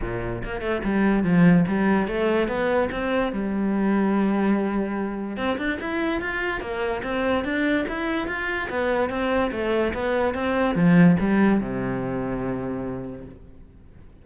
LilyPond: \new Staff \with { instrumentName = "cello" } { \time 4/4 \tempo 4 = 145 ais,4 ais8 a8 g4 f4 | g4 a4 b4 c'4 | g1~ | g4 c'8 d'8 e'4 f'4 |
ais4 c'4 d'4 e'4 | f'4 b4 c'4 a4 | b4 c'4 f4 g4 | c1 | }